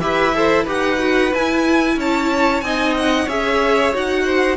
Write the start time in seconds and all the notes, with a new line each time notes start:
0.00 E4 G4 B4 E5
0.34 A4 C5
0.63 D#4 G4 B4 F#5
0.98 F#4
1.34 E4 G#5
1.97 C#4 C#5 A5
2.61 C4 D#4 D#5 G#5
2.98 F#5
3.25 C#4 G#4 C#5 E5
3.93 D#4 F#4 F#5
4.25 C5